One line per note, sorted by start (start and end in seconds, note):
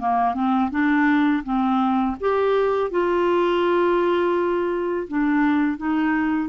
0.00 0.35 A#3
0.35 0.71 C4
0.71 1.43 D4
1.44 2.17 C4
2.20 2.91 G4
2.91 5.08 F4
5.08 5.78 D4
5.78 6.50 D#4